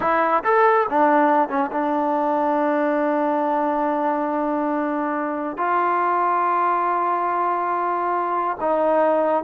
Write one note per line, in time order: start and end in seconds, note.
0.00 0.43 E4
0.44 0.86 A4
0.89 1.48 D4
1.48 1.70 C#4
1.71 5.57 D4
5.57 8.57 F4
8.60 9.43 D#4